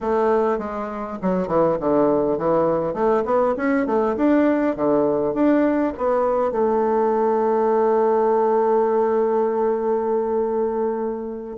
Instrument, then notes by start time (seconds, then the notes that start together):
bassoon
0.00 A3
0.58 G#3
1.22 F#3
1.47 E3
1.80 D3
2.38 E3
2.93 A3
3.25 B3
3.56 C#4
3.86 A3
4.16 D4
4.76 D3
5.33 D4
5.97 B3
6.51 A3